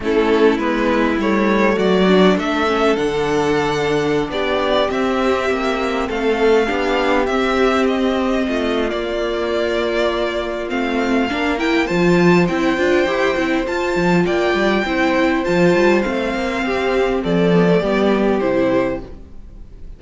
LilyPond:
<<
  \new Staff \with { instrumentName = "violin" } { \time 4/4 \tempo 4 = 101 a'4 b'4 cis''4 d''4 | e''4 fis''2~ fis''16 d''8.~ | d''16 e''2 f''4.~ f''16~ | f''16 e''4 dis''4.~ dis''16 d''4~ |
d''2 f''4. g''8 | a''4 g''2 a''4 | g''2 a''4 f''4~ | f''4 d''2 c''4 | }
  \new Staff \with { instrumentName = "violin" } { \time 4/4 e'2. fis'4 | a'2.~ a'16 g'8.~ | g'2~ g'16 a'4 g'8.~ | g'2~ g'16 f'4.~ f'16~ |
f'2. ais'4 | c''1 | d''4 c''2. | g'4 a'4 g'2 | }
  \new Staff \with { instrumentName = "viola" } { \time 4/4 cis'4 b4 a4. d'8~ | d'8 cis'8 d'2.~ | d'16 c'2. d'8.~ | d'16 c'2~ c'8. ais4~ |
ais2 c'4 d'8 e'8 | f'4 e'8 f'8 g'8 e'8 f'4~ | f'4 e'4 f'4 c'4~ | c'4. b16 a16 b4 e'4 | }
  \new Staff \with { instrumentName = "cello" } { \time 4/4 a4 gis4 g4 fis4 | a4 d2~ d16 b8.~ | b16 c'4 ais4 a4 b8.~ | b16 c'2 a8. ais4~ |
ais2 a4 ais4 | f4 c'8 d'8 e'8 c'8 f'8 f8 | ais8 g8 c'4 f8 g8 a8 ais8 | c'4 f4 g4 c4 | }
>>